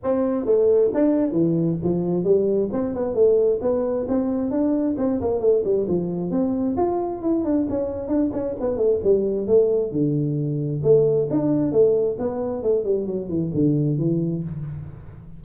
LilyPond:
\new Staff \with { instrumentName = "tuba" } { \time 4/4 \tempo 4 = 133 c'4 a4 d'4 e4 | f4 g4 c'8 b8 a4 | b4 c'4 d'4 c'8 ais8 | a8 g8 f4 c'4 f'4 |
e'8 d'8 cis'4 d'8 cis'8 b8 a8 | g4 a4 d2 | a4 d'4 a4 b4 | a8 g8 fis8 e8 d4 e4 | }